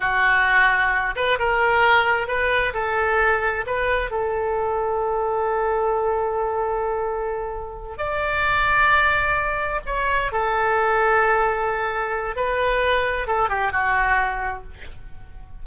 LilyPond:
\new Staff \with { instrumentName = "oboe" } { \time 4/4 \tempo 4 = 131 fis'2~ fis'8 b'8 ais'4~ | ais'4 b'4 a'2 | b'4 a'2.~ | a'1~ |
a'4. d''2~ d''8~ | d''4. cis''4 a'4.~ | a'2. b'4~ | b'4 a'8 g'8 fis'2 | }